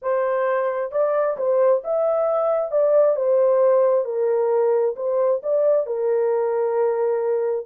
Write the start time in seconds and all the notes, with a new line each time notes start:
0.01 C5
0.91 D5
1.37 C5
1.84 E5
2.71 D5
3.16 C5
4.05 A#4
4.96 C5
5.42 D5
5.86 A#4